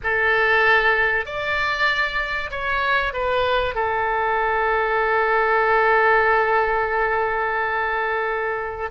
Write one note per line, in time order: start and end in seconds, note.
0.03 1.25 A4
1.25 2.50 D5
2.50 3.13 C#5
3.13 3.74 B4
3.74 8.90 A4